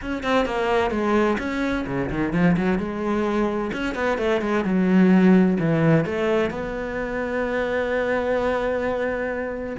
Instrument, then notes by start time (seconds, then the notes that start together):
cello
0.01 C#4
0.23 C4
0.45 A#3
0.90 G#3
1.38 C#4
1.86 C#3
2.10 D#3
2.32 F3
2.56 F#3
2.78 G#3
3.73 C#4
3.95 B3
4.18 A3
4.41 G#3
4.64 F#3
5.59 E3
6.05 A3
6.50 B3